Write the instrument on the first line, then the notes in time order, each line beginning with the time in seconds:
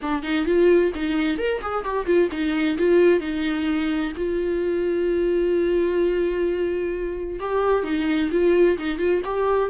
viola
0.01 D4
0.22 D#4
0.45 F4
0.94 D#4
1.38 A#4
1.61 G#4
1.84 G4
2.05 F4
2.31 D#4
2.77 F4
3.20 D#4
4.16 F4
7.40 G4
7.83 D#4
8.31 F4
8.78 D#4
8.98 F4
9.25 G4